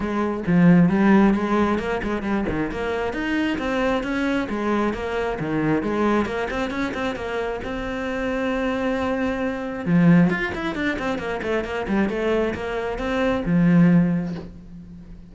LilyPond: \new Staff \with { instrumentName = "cello" } { \time 4/4 \tempo 4 = 134 gis4 f4 g4 gis4 | ais8 gis8 g8 dis8 ais4 dis'4 | c'4 cis'4 gis4 ais4 | dis4 gis4 ais8 c'8 cis'8 c'8 |
ais4 c'2.~ | c'2 f4 f'8 e'8 | d'8 c'8 ais8 a8 ais8 g8 a4 | ais4 c'4 f2 | }